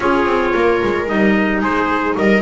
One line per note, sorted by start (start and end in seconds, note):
0.00 0.25 C#4
0.00 1.06 F4
0.00 0.52 G#4
0.00 1.08 C#5
0.25 0.52 C4
0.52 0.81 A#3
0.52 1.60 A#4
0.82 1.09 G#3
1.06 1.61 G3
1.06 2.41 D#4
1.06 1.62 D#5
1.60 2.15 G#3
1.60 2.14 G#4
1.60 2.17 C5
2.17 2.41 G3
2.17 2.41 A#4
2.17 2.41 D#5